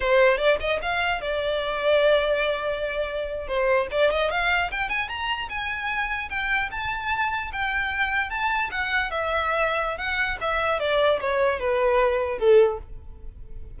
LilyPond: \new Staff \with { instrumentName = "violin" } { \time 4/4 \tempo 4 = 150 c''4 d''8 dis''8 f''4 d''4~ | d''1~ | d''8. c''4 d''8 dis''8 f''4 g''16~ | g''16 gis''8 ais''4 gis''2 g''16~ |
g''8. a''2 g''4~ g''16~ | g''8. a''4 fis''4 e''4~ e''16~ | e''4 fis''4 e''4 d''4 | cis''4 b'2 a'4 | }